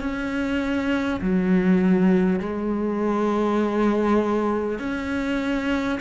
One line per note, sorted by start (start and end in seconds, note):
0.00 1.20 C#4
1.21 2.39 F#3
2.39 4.79 G#3
4.79 5.99 C#4